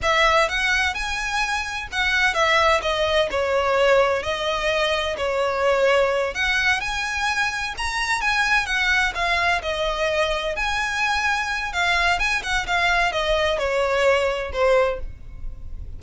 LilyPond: \new Staff \with { instrumentName = "violin" } { \time 4/4 \tempo 4 = 128 e''4 fis''4 gis''2 | fis''4 e''4 dis''4 cis''4~ | cis''4 dis''2 cis''4~ | cis''4. fis''4 gis''4.~ |
gis''8 ais''4 gis''4 fis''4 f''8~ | f''8 dis''2 gis''4.~ | gis''4 f''4 gis''8 fis''8 f''4 | dis''4 cis''2 c''4 | }